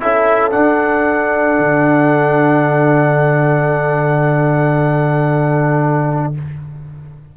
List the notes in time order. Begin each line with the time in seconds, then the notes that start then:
0.00 C#4 E4 A4 E5
0.50 D4 F#5
1.58 D3